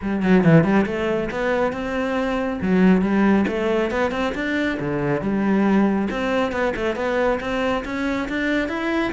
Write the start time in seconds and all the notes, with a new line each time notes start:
0.01 G3
0.22 F#3
0.43 E3
0.63 G3
0.86 A3
1.30 B3
1.72 C4
2.61 F#3
3.01 G3
3.47 A3
3.90 B3
4.11 C4
4.34 D4
4.79 D3
5.21 G3
6.10 C4
6.52 B3
6.75 A3
6.95 B3
7.40 C4
7.84 C#4
8.28 D4
8.68 E4